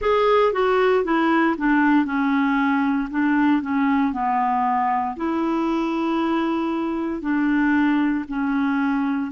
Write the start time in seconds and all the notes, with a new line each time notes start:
0.00 G#4
0.53 F#4
1.04 E4
1.57 D4
2.05 C#4
3.10 D4
3.62 C#4
4.12 B3
5.16 E4
7.21 D4
8.28 C#4